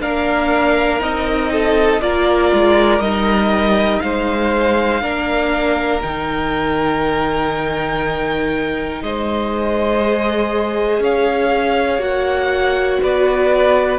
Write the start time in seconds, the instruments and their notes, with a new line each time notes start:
0.00 cello A#3, viola D4, violin A#4 F5
0.99 cello C4, viola D#4, violin D#5
1.51 violin A4
2.01 cello A#3, viola F4, violin A#4 D5
2.53 cello G#3
2.99 cello G3, viola D#4, violin D#5
4.00 cello G#3, violin C5 F5
5.01 cello A#3, viola D4, violin A#4
6.02 cello D#3, viola D#4, violin G5
9.02 cello G#3, violin C5 D#5
10.02 viola G#4
10.99 cello C#4, violin C#5 F5
11.98 cello A#3, viola F#4, violin F#5
13.02 cello B3, violin B4 D5